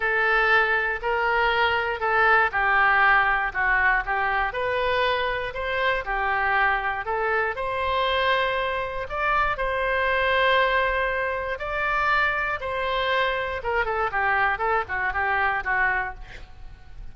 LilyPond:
\new Staff \with { instrumentName = "oboe" } { \time 4/4 \tempo 4 = 119 a'2 ais'2 | a'4 g'2 fis'4 | g'4 b'2 c''4 | g'2 a'4 c''4~ |
c''2 d''4 c''4~ | c''2. d''4~ | d''4 c''2 ais'8 a'8 | g'4 a'8 fis'8 g'4 fis'4 | }